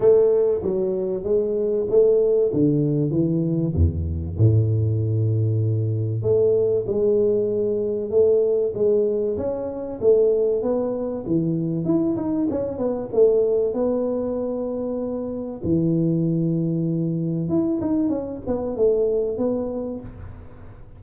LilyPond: \new Staff \with { instrumentName = "tuba" } { \time 4/4 \tempo 4 = 96 a4 fis4 gis4 a4 | d4 e4 e,4 a,4~ | a,2 a4 gis4~ | gis4 a4 gis4 cis'4 |
a4 b4 e4 e'8 dis'8 | cis'8 b8 a4 b2~ | b4 e2. | e'8 dis'8 cis'8 b8 a4 b4 | }